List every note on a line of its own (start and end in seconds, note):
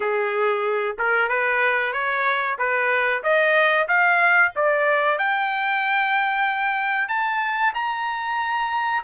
0.00 0.96 G#4
0.98 1.28 A#4
1.28 1.92 B4
1.92 2.57 C#5
2.58 3.23 B4
3.23 3.87 D#5
3.87 4.52 F5
4.55 5.18 D5
5.18 7.08 G5
7.08 7.73 A5
7.74 9.03 A#5